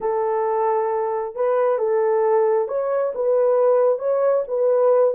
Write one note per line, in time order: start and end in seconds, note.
0.00 1.35 A4
1.35 1.78 B4
1.78 2.67 A4
2.67 3.12 C#5
3.14 3.98 B4
3.98 4.43 C#5
4.47 5.14 B4